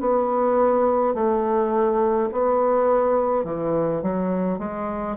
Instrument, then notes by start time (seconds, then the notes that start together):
bassoon
0.00 B3
1.14 A3
2.32 B3
3.45 E3
4.02 F#3
4.59 G#3